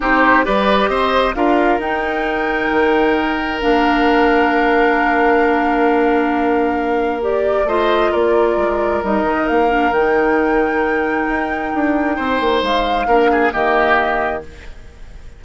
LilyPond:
<<
  \new Staff \with { instrumentName = "flute" } { \time 4/4 \tempo 4 = 133 c''4 d''4 dis''4 f''4 | g''1 | f''1~ | f''1 |
d''4 dis''4 d''2 | dis''4 f''4 g''2~ | g''1 | f''2 dis''2 | }
  \new Staff \with { instrumentName = "oboe" } { \time 4/4 g'4 b'4 c''4 ais'4~ | ais'1~ | ais'1~ | ais'1~ |
ais'4 c''4 ais'2~ | ais'1~ | ais'2. c''4~ | c''4 ais'8 gis'8 g'2 | }
  \new Staff \with { instrumentName = "clarinet" } { \time 4/4 dis'4 g'2 f'4 | dis'1 | d'1~ | d'1 |
g'4 f'2. | dis'4. d'8 dis'2~ | dis'1~ | dis'4 d'4 ais2 | }
  \new Staff \with { instrumentName = "bassoon" } { \time 4/4 c'4 g4 c'4 d'4 | dis'2 dis2 | ais1~ | ais1~ |
ais4 a4 ais4 gis4 | g8 dis8 ais4 dis2~ | dis4 dis'4 d'4 c'8 ais8 | gis4 ais4 dis2 | }
>>